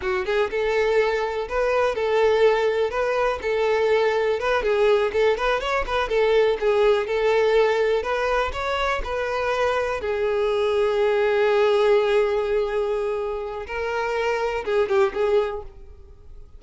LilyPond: \new Staff \with { instrumentName = "violin" } { \time 4/4 \tempo 4 = 123 fis'8 gis'8 a'2 b'4 | a'2 b'4 a'4~ | a'4 b'8 gis'4 a'8 b'8 cis''8 | b'8 a'4 gis'4 a'4.~ |
a'8 b'4 cis''4 b'4.~ | b'8 gis'2.~ gis'8~ | gis'1 | ais'2 gis'8 g'8 gis'4 | }